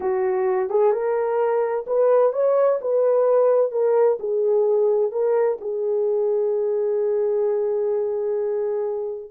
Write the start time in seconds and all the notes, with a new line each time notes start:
0.00 F#4
0.69 G#4
0.92 A#4
1.86 B4
2.33 C#5
2.81 B4
3.71 A#4
4.19 G#4
5.11 A#4
5.60 G#4